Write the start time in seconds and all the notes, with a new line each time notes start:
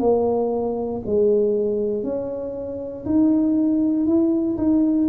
0.00 A#3
1.06 G#3
2.03 C#4
3.06 D#4
4.06 E4
4.58 D#4